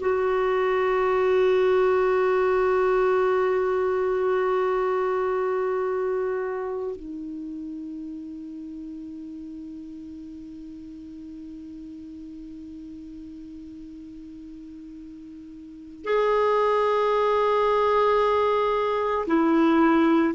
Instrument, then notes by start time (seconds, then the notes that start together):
clarinet
0.00 F#4
6.96 D#4
16.04 G#4
19.27 E4